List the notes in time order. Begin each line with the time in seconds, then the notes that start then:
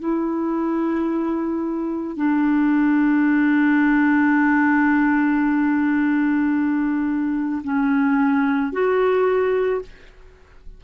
0.00 E4
2.17 D4
7.64 C#4
8.73 F#4